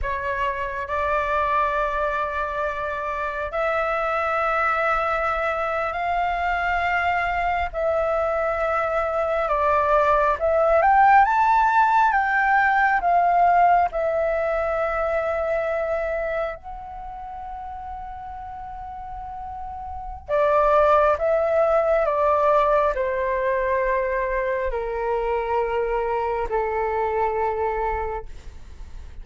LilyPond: \new Staff \with { instrumentName = "flute" } { \time 4/4 \tempo 4 = 68 cis''4 d''2. | e''2~ e''8. f''4~ f''16~ | f''8. e''2 d''4 e''16~ | e''16 g''8 a''4 g''4 f''4 e''16~ |
e''2~ e''8. fis''4~ fis''16~ | fis''2. d''4 | e''4 d''4 c''2 | ais'2 a'2 | }